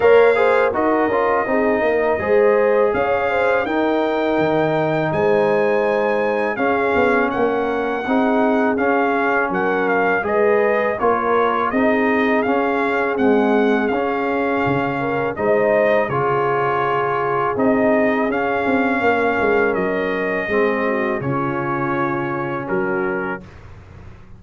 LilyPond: <<
  \new Staff \with { instrumentName = "trumpet" } { \time 4/4 \tempo 4 = 82 f''4 dis''2. | f''4 g''2 gis''4~ | gis''4 f''4 fis''2 | f''4 fis''8 f''8 dis''4 cis''4 |
dis''4 f''4 fis''4 f''4~ | f''4 dis''4 cis''2 | dis''4 f''2 dis''4~ | dis''4 cis''2 ais'4 | }
  \new Staff \with { instrumentName = "horn" } { \time 4/4 cis''8 c''8 ais'4 gis'8 ais'8 c''4 | cis''8 c''8 ais'2 c''4~ | c''4 gis'4 ais'4 gis'4~ | gis'4 ais'4 b'4 ais'4 |
gis'1~ | gis'8 ais'8 c''4 gis'2~ | gis'2 ais'2 | gis'8 fis'8 f'2 fis'4 | }
  \new Staff \with { instrumentName = "trombone" } { \time 4/4 ais'8 gis'8 fis'8 f'8 dis'4 gis'4~ | gis'4 dis'2.~ | dis'4 cis'2 dis'4 | cis'2 gis'4 f'4 |
dis'4 cis'4 gis4 cis'4~ | cis'4 dis'4 f'2 | dis'4 cis'2. | c'4 cis'2. | }
  \new Staff \with { instrumentName = "tuba" } { \time 4/4 ais4 dis'8 cis'8 c'8 ais8 gis4 | cis'4 dis'4 dis4 gis4~ | gis4 cis'8 b8 ais4 c'4 | cis'4 fis4 gis4 ais4 |
c'4 cis'4 c'4 cis'4 | cis4 gis4 cis2 | c'4 cis'8 c'8 ais8 gis8 fis4 | gis4 cis2 fis4 | }
>>